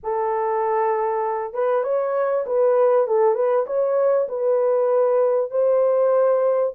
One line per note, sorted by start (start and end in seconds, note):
0.03 1.53 A4
1.53 1.83 B4
1.83 2.44 C#5
2.46 3.07 B4
3.07 3.35 A4
3.35 3.65 B4
3.66 4.27 C#5
4.28 5.50 B4
5.50 6.73 C5